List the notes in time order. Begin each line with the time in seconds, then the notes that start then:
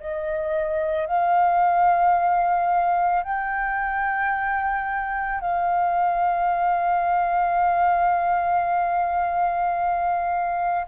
0.00 D#5
1.06 F5
3.23 G5
5.40 F5